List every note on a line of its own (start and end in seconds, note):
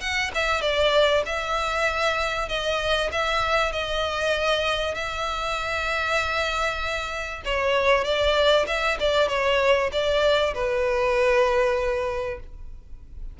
0.00 0.31 F#5
0.34 0.61 E5
0.61 1.23 D5
1.25 2.48 E5
2.48 3.10 D#5
3.12 3.72 E5
3.72 4.94 D#5
4.94 7.42 E5
7.45 8.04 C#5
8.04 8.66 D5
8.67 8.98 E5
8.99 9.28 D5
9.28 9.90 C#5
9.92 10.54 D5
10.54 12.39 B4